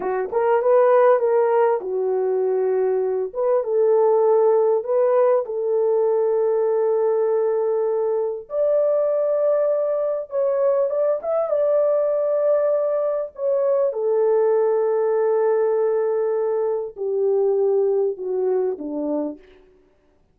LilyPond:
\new Staff \with { instrumentName = "horn" } { \time 4/4 \tempo 4 = 99 fis'8 ais'8 b'4 ais'4 fis'4~ | fis'4. b'8 a'2 | b'4 a'2.~ | a'2 d''2~ |
d''4 cis''4 d''8 e''8 d''4~ | d''2 cis''4 a'4~ | a'1 | g'2 fis'4 d'4 | }